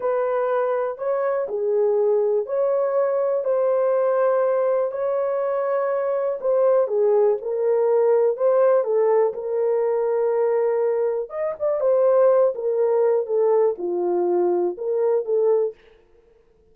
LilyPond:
\new Staff \with { instrumentName = "horn" } { \time 4/4 \tempo 4 = 122 b'2 cis''4 gis'4~ | gis'4 cis''2 c''4~ | c''2 cis''2~ | cis''4 c''4 gis'4 ais'4~ |
ais'4 c''4 a'4 ais'4~ | ais'2. dis''8 d''8 | c''4. ais'4. a'4 | f'2 ais'4 a'4 | }